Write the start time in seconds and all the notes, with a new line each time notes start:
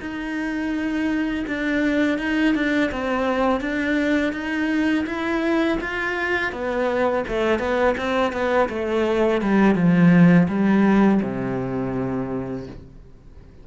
0.00 D#4
1.47 D4
2.18 D#4
2.54 D4
2.91 C4
3.60 D4
4.32 D#4
5.06 E4
5.80 F4
6.52 B3
7.27 A3
7.58 B3
7.97 C4
8.32 B3
8.69 A3
9.41 G3
9.75 F3
10.48 G3
11.22 C3